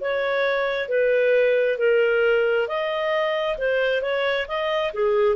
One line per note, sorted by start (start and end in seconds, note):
0.00 0.89 C#5
0.89 1.78 B4
1.78 2.68 A#4
2.68 3.57 D#5
3.58 4.02 C5
4.02 4.47 C#5
4.48 4.93 D#5
4.93 5.36 G#4